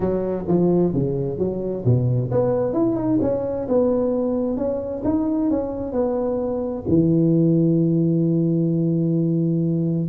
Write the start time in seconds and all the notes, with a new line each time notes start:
0.00 F#3
0.47 F3
0.93 C#3
1.38 F#3
1.84 B2
2.31 B3
2.73 E4
2.96 D#4
3.21 C#4
3.68 B3
4.57 C#4
5.04 D#4
5.50 C#4
5.92 B3
6.87 E3